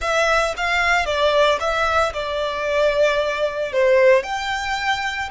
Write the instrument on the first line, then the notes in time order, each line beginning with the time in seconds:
violin
0.01 E5
0.56 F5
1.05 D5
1.59 E5
2.13 D5
3.72 C5
4.23 G5